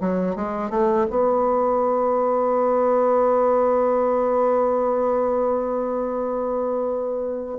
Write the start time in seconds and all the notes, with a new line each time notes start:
0.00 F#3
0.35 G#3
0.70 A3
1.10 B3